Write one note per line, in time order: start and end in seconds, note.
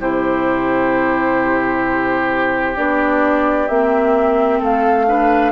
0.00 2.77 C3
0.00 2.76 E4
0.00 4.59 G4
0.00 2.77 C5
2.76 3.69 B3
2.76 3.68 D4
2.76 3.68 D5
3.68 4.61 A#3
3.68 5.08 C4
3.68 4.60 E5
4.59 5.52 A3
4.59 5.05 A4
4.59 5.52 F5
5.08 5.52 D4
5.08 5.52 B4